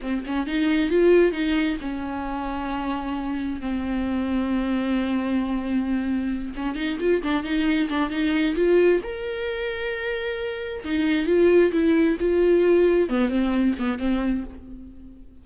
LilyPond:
\new Staff \with { instrumentName = "viola" } { \time 4/4 \tempo 4 = 133 c'8 cis'8 dis'4 f'4 dis'4 | cis'1 | c'1~ | c'2~ c'8 cis'8 dis'8 f'8 |
d'8 dis'4 d'8 dis'4 f'4 | ais'1 | dis'4 f'4 e'4 f'4~ | f'4 b8 c'4 b8 c'4 | }